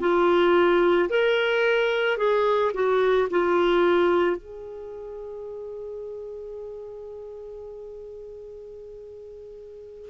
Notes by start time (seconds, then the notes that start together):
0.00 F4
1.09 A#4
2.17 G#4
2.74 F#4
3.30 F4
4.36 G#4